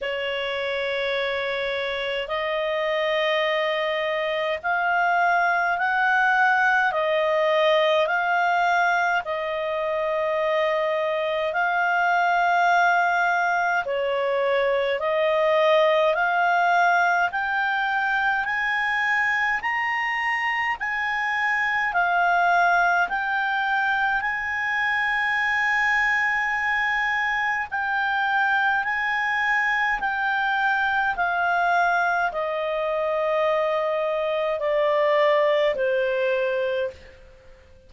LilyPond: \new Staff \with { instrumentName = "clarinet" } { \time 4/4 \tempo 4 = 52 cis''2 dis''2 | f''4 fis''4 dis''4 f''4 | dis''2 f''2 | cis''4 dis''4 f''4 g''4 |
gis''4 ais''4 gis''4 f''4 | g''4 gis''2. | g''4 gis''4 g''4 f''4 | dis''2 d''4 c''4 | }